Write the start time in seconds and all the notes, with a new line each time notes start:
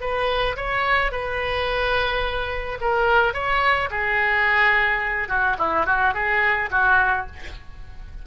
0.00 B4
0.56 C#5
1.11 B4
2.81 A#4
3.33 C#5
3.90 G#4
5.28 F#4
5.58 E4
5.86 F#4
6.14 G#4
6.70 F#4